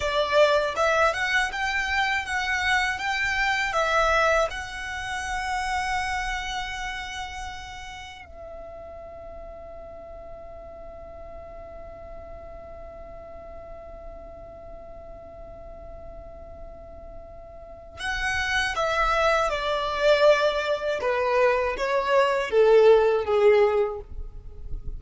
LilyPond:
\new Staff \with { instrumentName = "violin" } { \time 4/4 \tempo 4 = 80 d''4 e''8 fis''8 g''4 fis''4 | g''4 e''4 fis''2~ | fis''2. e''4~ | e''1~ |
e''1~ | e''1 | fis''4 e''4 d''2 | b'4 cis''4 a'4 gis'4 | }